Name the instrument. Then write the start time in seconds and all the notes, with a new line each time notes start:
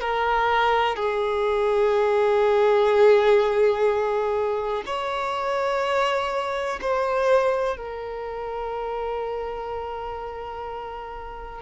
violin
0.00 A#4
0.96 G#4
4.86 C#5
6.81 C5
7.77 A#4